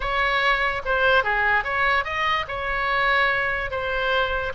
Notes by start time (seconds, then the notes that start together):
0.00 C#5
0.85 C5
1.23 G#4
1.64 C#5
2.04 D#5
2.48 C#5
3.70 C5